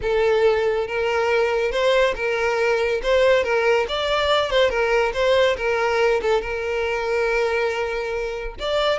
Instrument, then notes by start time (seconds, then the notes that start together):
violin
0.02 A4
0.87 A#4
1.71 C5
2.15 A#4
3.03 C5
3.43 A#4
3.88 D5
4.50 C5
4.69 A#4
5.13 C5
5.56 A#4
6.21 A4
6.41 A#4
8.59 D5